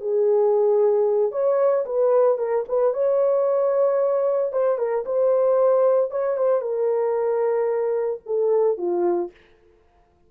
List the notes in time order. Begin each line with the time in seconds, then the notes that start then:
0.00 G#4
1.31 C#5
1.85 B4
2.37 A#4
2.68 B4
2.93 C#5
4.52 C5
4.78 A#4
5.05 C5
6.11 C#5
6.37 C5
6.61 A#4
8.26 A4
8.77 F4